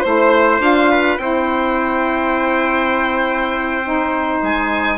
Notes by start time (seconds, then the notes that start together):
0.00 A3 E4 C5
0.60 D4 F4 F5
0.91 B4
1.18 C4 E4 C5 G5
3.83 D#4
4.43 G#3 G#5